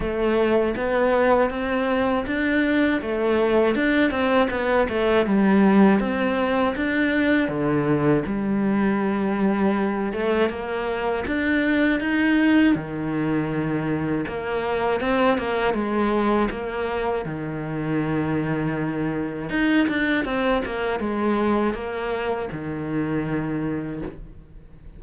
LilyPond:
\new Staff \with { instrumentName = "cello" } { \time 4/4 \tempo 4 = 80 a4 b4 c'4 d'4 | a4 d'8 c'8 b8 a8 g4 | c'4 d'4 d4 g4~ | g4. a8 ais4 d'4 |
dis'4 dis2 ais4 | c'8 ais8 gis4 ais4 dis4~ | dis2 dis'8 d'8 c'8 ais8 | gis4 ais4 dis2 | }